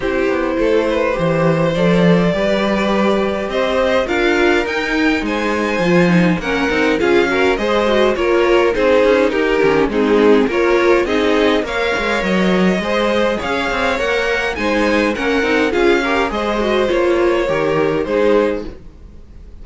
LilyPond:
<<
  \new Staff \with { instrumentName = "violin" } { \time 4/4 \tempo 4 = 103 c''2. d''4~ | d''2 dis''4 f''4 | g''4 gis''2 fis''4 | f''4 dis''4 cis''4 c''4 |
ais'4 gis'4 cis''4 dis''4 | f''4 dis''2 f''4 | fis''4 gis''4 fis''4 f''4 | dis''4 cis''2 c''4 | }
  \new Staff \with { instrumentName = "violin" } { \time 4/4 g'4 a'8 b'8 c''2 | b'2 c''4 ais'4~ | ais'4 c''2 ais'4 | gis'8 ais'8 c''4 ais'4 gis'4 |
g'4 dis'4 ais'4 gis'4 | cis''2 c''4 cis''4~ | cis''4 c''4 ais'4 gis'8 ais'8 | c''2 ais'4 gis'4 | }
  \new Staff \with { instrumentName = "viola" } { \time 4/4 e'2 g'4 a'4 | g'2. f'4 | dis'2 f'8 dis'8 cis'8 dis'8 | f'8 fis'8 gis'8 fis'8 f'4 dis'4~ |
dis'8 cis'8 c'4 f'4 dis'4 | ais'2 gis'2 | ais'4 dis'4 cis'8 dis'8 f'8 g'8 | gis'8 fis'8 f'4 g'4 dis'4 | }
  \new Staff \with { instrumentName = "cello" } { \time 4/4 c'8 b8 a4 e4 f4 | g2 c'4 d'4 | dis'4 gis4 f4 ais8 c'8 | cis'4 gis4 ais4 c'8 cis'8 |
dis'8 dis8 gis4 ais4 c'4 | ais8 gis8 fis4 gis4 cis'8 c'8 | ais4 gis4 ais8 c'8 cis'4 | gis4 ais4 dis4 gis4 | }
>>